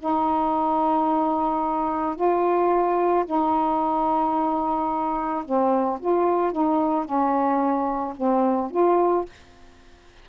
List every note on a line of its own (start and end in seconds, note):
0.00 2.16 D#4
2.16 3.25 F4
3.26 5.44 D#4
5.45 6.00 C4
6.00 6.53 F4
6.53 7.05 D#4
7.05 8.14 C#4
8.17 8.71 C4
8.71 9.26 F4